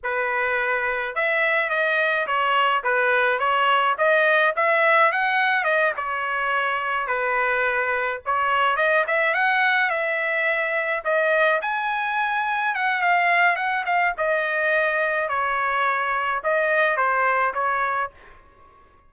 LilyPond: \new Staff \with { instrumentName = "trumpet" } { \time 4/4 \tempo 4 = 106 b'2 e''4 dis''4 | cis''4 b'4 cis''4 dis''4 | e''4 fis''4 dis''8 cis''4.~ | cis''8 b'2 cis''4 dis''8 |
e''8 fis''4 e''2 dis''8~ | dis''8 gis''2 fis''8 f''4 | fis''8 f''8 dis''2 cis''4~ | cis''4 dis''4 c''4 cis''4 | }